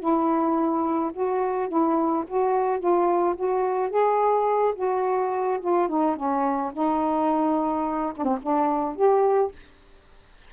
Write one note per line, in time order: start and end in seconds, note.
0.00 1.12 E4
1.14 1.69 F#4
1.69 2.25 E4
2.28 2.80 F#4
2.80 3.36 F4
3.36 3.90 F#4
3.90 4.75 G#4
4.76 5.60 F#4
5.61 5.89 F4
5.89 6.16 D#4
6.16 6.72 C#4
6.73 8.14 D#4
8.17 8.25 D4
8.25 8.39 C4
8.43 8.96 D4
8.96 9.52 G4